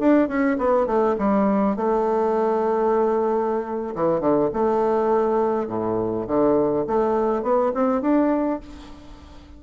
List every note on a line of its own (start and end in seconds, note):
0.00 0.28 D4
0.28 0.57 C#4
0.59 0.87 B3
0.87 1.16 A3
1.18 1.77 G3
1.77 3.95 A3
3.95 4.20 E3
4.20 4.50 D3
4.54 5.68 A3
5.68 6.26 A2
6.27 6.86 D3
6.87 7.43 A3
7.43 7.72 B3
7.74 8.02 C4
8.02 8.60 D4